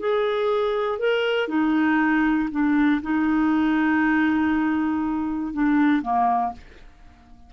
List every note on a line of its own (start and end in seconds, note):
0.00 0.99 G#4
0.99 1.49 A#4
1.49 2.50 D#4
2.51 3.02 D4
3.03 5.53 D#4
5.53 6.03 D4
6.03 6.53 A#3